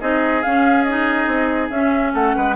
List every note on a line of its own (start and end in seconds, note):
0.00 0.44 C4
0.00 0.43 D#4
0.00 2.13 G#4
0.00 0.42 D#5
0.42 1.27 C#4
0.42 0.88 C#4
0.42 0.83 F5
0.83 1.72 D#4
0.83 1.68 D#5
1.27 1.69 C4
1.70 2.13 C#4
1.70 2.55 C#4
1.70 2.13 E5
2.14 2.36 A3
2.14 2.35 A4
2.14 2.55 F#5
2.36 2.55 G#3
2.36 2.55 B4